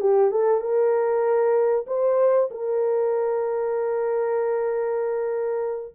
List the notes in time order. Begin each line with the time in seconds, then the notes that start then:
0.00 G4
0.31 A4
0.60 A#4
1.87 C5
2.50 A#4